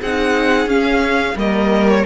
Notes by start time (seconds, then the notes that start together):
0.00 C4 D#4 G#4 F#5
0.67 C#4 F5
1.36 G3 A#3 A#4 D#5
1.89 C#5